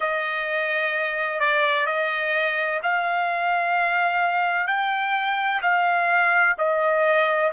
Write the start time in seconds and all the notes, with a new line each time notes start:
0.00 D#5
1.39 D5
1.86 D#5
2.83 F5
4.67 G5
5.62 F5
6.58 D#5